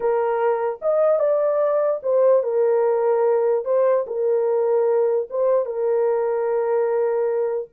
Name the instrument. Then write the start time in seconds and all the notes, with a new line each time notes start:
horn
0.00 A#4
0.81 D#5
1.19 D5
2.02 C5
2.43 A#4
3.64 C5
4.07 A#4
5.29 C5
5.65 A#4